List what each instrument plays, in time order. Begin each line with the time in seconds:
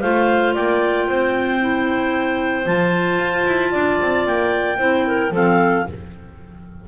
0.00 double bass A3, clarinet F4 C5 F5
0.54 double bass A#3, clarinet D5 G5
1.07 double bass C4, clarinet C5
1.60 clarinet E4
2.64 double bass F3, clarinet F4 A5
3.18 double bass F4
3.46 double bass E4
3.71 double bass D4, clarinet D5
4.00 double bass C4
4.26 double bass A#3, clarinet G5
4.77 double bass C4, clarinet E4 C5
5.07 clarinet A#4
5.30 double bass F3, clarinet C4 A4 F5